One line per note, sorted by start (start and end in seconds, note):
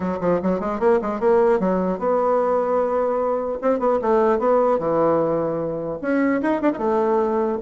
0.00 0.18 F#3
0.20 0.40 F3
0.42 0.60 F#3
0.60 0.79 G#3
0.79 0.99 A#3
1.01 1.19 G#3
1.19 1.59 A#3
1.59 1.98 F#3
1.98 3.58 B3
3.61 3.79 C4
3.79 3.99 B3
4.01 4.38 A3
4.38 4.78 B3
4.78 5.98 E3
6.01 6.41 C#4
6.41 6.61 D#4
6.61 6.71 D4
6.73 7.58 A3
6.73 6.78 D#4